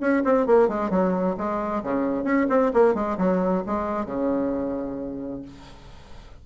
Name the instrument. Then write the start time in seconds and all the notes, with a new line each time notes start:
bassoon
0.00 C#4
0.24 C4
0.46 A#3
0.68 G#3
0.90 F#3
1.37 G#3
1.83 C#3
2.24 C#4
2.49 C4
2.73 A#3
2.94 G#3
3.17 F#3
3.66 G#3
4.05 C#3